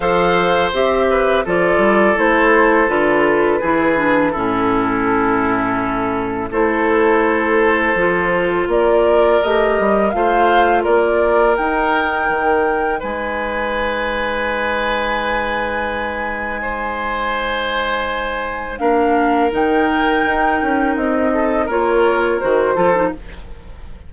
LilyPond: <<
  \new Staff \with { instrumentName = "flute" } { \time 4/4 \tempo 4 = 83 f''4 e''4 d''4 c''4 | b'2 a'2~ | a'4 c''2. | d''4 dis''4 f''4 d''4 |
g''2 gis''2~ | gis''1~ | gis''2 f''4 g''4~ | g''4 dis''4 cis''4 c''4 | }
  \new Staff \with { instrumentName = "oboe" } { \time 4/4 c''4. b'8 a'2~ | a'4 gis'4 e'2~ | e'4 a'2. | ais'2 c''4 ais'4~ |
ais'2 b'2~ | b'2. c''4~ | c''2 ais'2~ | ais'4. a'8 ais'4. a'8 | }
  \new Staff \with { instrumentName = "clarinet" } { \time 4/4 a'4 g'4 f'4 e'4 | f'4 e'8 d'8 cis'2~ | cis'4 e'2 f'4~ | f'4 g'4 f'2 |
dis'1~ | dis'1~ | dis'2 d'4 dis'4~ | dis'2 f'4 fis'8 f'16 dis'16 | }
  \new Staff \with { instrumentName = "bassoon" } { \time 4/4 f4 c'4 f8 g8 a4 | d4 e4 a,2~ | a,4 a2 f4 | ais4 a8 g8 a4 ais4 |
dis'4 dis4 gis2~ | gis1~ | gis2 ais4 dis4 | dis'8 cis'8 c'4 ais4 dis8 f8 | }
>>